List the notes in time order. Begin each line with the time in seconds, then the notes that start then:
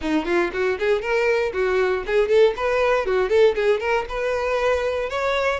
0.01 D#4
0.25 F4
0.53 F#4
0.79 G#4
1.01 A#4
1.53 F#4
2.06 G#4
2.28 A4
2.56 B4
3.06 F#4
3.29 A4
3.55 G#4
3.80 A#4
4.08 B4
5.09 C#5